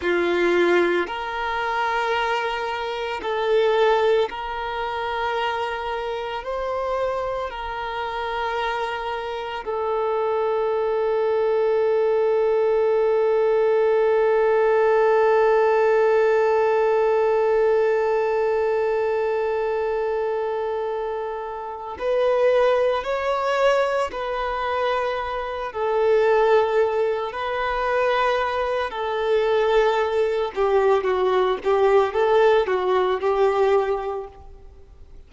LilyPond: \new Staff \with { instrumentName = "violin" } { \time 4/4 \tempo 4 = 56 f'4 ais'2 a'4 | ais'2 c''4 ais'4~ | ais'4 a'2.~ | a'1~ |
a'1~ | a'8 b'4 cis''4 b'4. | a'4. b'4. a'4~ | a'8 g'8 fis'8 g'8 a'8 fis'8 g'4 | }